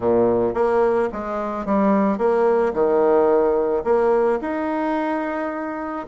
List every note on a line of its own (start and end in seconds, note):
0.00 0.54 A#2
0.54 1.09 A#3
1.12 1.65 G#3
1.65 2.17 G3
2.17 2.72 A#3
2.73 3.83 D#3
3.84 4.39 A#3
4.41 6.06 D#4